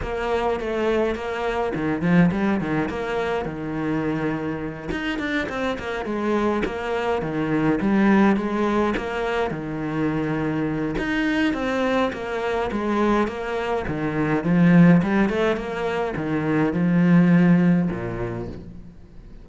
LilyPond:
\new Staff \with { instrumentName = "cello" } { \time 4/4 \tempo 4 = 104 ais4 a4 ais4 dis8 f8 | g8 dis8 ais4 dis2~ | dis8 dis'8 d'8 c'8 ais8 gis4 ais8~ | ais8 dis4 g4 gis4 ais8~ |
ais8 dis2~ dis8 dis'4 | c'4 ais4 gis4 ais4 | dis4 f4 g8 a8 ais4 | dis4 f2 ais,4 | }